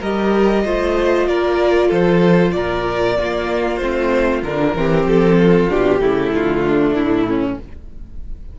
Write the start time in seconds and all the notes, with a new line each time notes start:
0.00 G3 G4 A#4 D#5
0.65 A3 F4 C5
1.27 A#3 A#4 D5
1.88 F3 A4 C5
2.52 A#2 A#4 D5
3.17 A#3 F4
3.77 A3 C4 C5
4.42 D3 D4 A#4
4.74 E3 C4 G4
5.05 F3 A4
5.38 F4
5.69 B2 D4 G4
6.00 C#3 A3 E4
6.34 D3 F4
6.67 D4
6.94 A2 E4
7.28 C#4